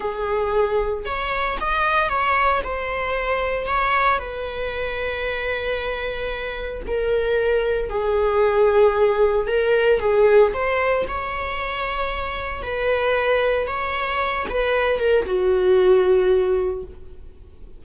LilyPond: \new Staff \with { instrumentName = "viola" } { \time 4/4 \tempo 4 = 114 gis'2 cis''4 dis''4 | cis''4 c''2 cis''4 | b'1~ | b'4 ais'2 gis'4~ |
gis'2 ais'4 gis'4 | c''4 cis''2. | b'2 cis''4. b'8~ | b'8 ais'8 fis'2. | }